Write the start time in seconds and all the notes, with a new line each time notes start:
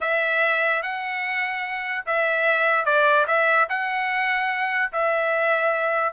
0.01 E5
0.82 F#5
2.06 E5
2.85 D5
3.27 E5
3.69 F#5
4.92 E5